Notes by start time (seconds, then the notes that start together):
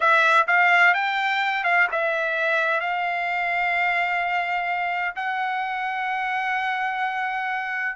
0.00 E5
0.47 F5
0.94 G5
1.64 F5
1.91 E5
2.80 F5
5.15 F#5